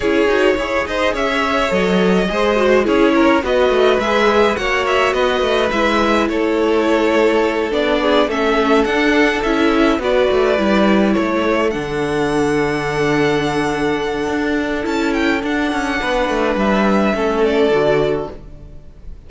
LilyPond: <<
  \new Staff \with { instrumentName = "violin" } { \time 4/4 \tempo 4 = 105 cis''4. dis''8 e''4 dis''4~ | dis''4 cis''4 dis''4 e''4 | fis''8 e''8 dis''4 e''4 cis''4~ | cis''4. d''4 e''4 fis''8~ |
fis''8 e''4 d''2 cis''8~ | cis''8 fis''2.~ fis''8~ | fis''2 a''8 g''8 fis''4~ | fis''4 e''4. d''4. | }
  \new Staff \with { instrumentName = "violin" } { \time 4/4 gis'4 cis''8 c''8 cis''2 | c''4 gis'8 ais'8 b'2 | cis''4 b'2 a'4~ | a'2 gis'8 a'4.~ |
a'4. b'2 a'8~ | a'1~ | a'1 | b'2 a'2 | }
  \new Staff \with { instrumentName = "viola" } { \time 4/4 e'8 fis'8 gis'2 a'4 | gis'8 fis'8 e'4 fis'4 gis'4 | fis'2 e'2~ | e'4. d'4 cis'4 d'8~ |
d'8 e'4 fis'4 e'4.~ | e'8 d'2.~ d'8~ | d'2 e'4 d'4~ | d'2 cis'4 fis'4 | }
  \new Staff \with { instrumentName = "cello" } { \time 4/4 cis'8 dis'8 e'8 dis'8 cis'4 fis4 | gis4 cis'4 b8 a8 gis4 | ais4 b8 a8 gis4 a4~ | a4. b4 a4 d'8~ |
d'8 cis'4 b8 a8 g4 a8~ | a8 d2.~ d8~ | d4 d'4 cis'4 d'8 cis'8 | b8 a8 g4 a4 d4 | }
>>